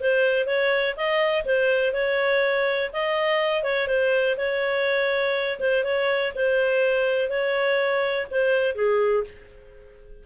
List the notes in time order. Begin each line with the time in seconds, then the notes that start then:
0.00 C5
0.46 C#5
0.96 D#5
1.45 C5
1.93 C#5
2.92 D#5
3.63 C#5
3.88 C5
4.37 C#5
5.59 C5
5.84 C#5
6.35 C5
7.29 C#5
8.31 C5
8.75 G#4